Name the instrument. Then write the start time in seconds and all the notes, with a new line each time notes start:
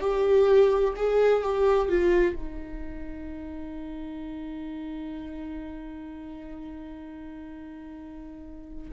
viola
0.00 G4
0.96 G#4
1.42 G4
1.88 F4
2.35 D#4